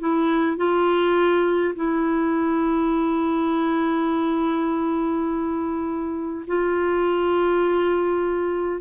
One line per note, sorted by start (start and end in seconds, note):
0.00 0.57 E4
0.57 1.75 F4
1.76 6.46 E4
6.48 8.82 F4